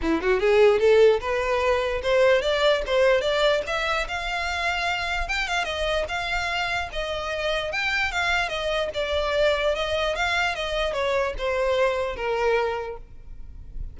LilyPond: \new Staff \with { instrumentName = "violin" } { \time 4/4 \tempo 4 = 148 e'8 fis'8 gis'4 a'4 b'4~ | b'4 c''4 d''4 c''4 | d''4 e''4 f''2~ | f''4 g''8 f''8 dis''4 f''4~ |
f''4 dis''2 g''4 | f''4 dis''4 d''2 | dis''4 f''4 dis''4 cis''4 | c''2 ais'2 | }